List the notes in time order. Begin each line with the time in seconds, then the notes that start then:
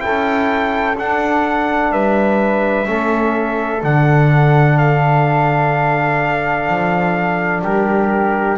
0.00 E4 A4 G5
0.07 C#4
0.98 D4 F#5
1.92 G3 B4 E5
2.86 A3 C#4 A4
3.83 D3 D4 F#5
4.78 F5
6.69 F3
7.62 G3 G4 A#4